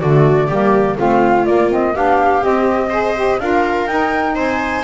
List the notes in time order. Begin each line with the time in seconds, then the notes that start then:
0.00 D3 A3 F#4 D5
0.48 G3 A#3 G4
0.99 A3 C4 F4 F5
1.46 A#3 D5
1.71 C4 D#5
1.95 B3 D4 G4 F5
2.42 C4 D#5
2.90 G#4 C5
3.15 G4
3.40 D4 F4 A#4 F5
3.87 D#4 G5
4.35 C4 C5 G#5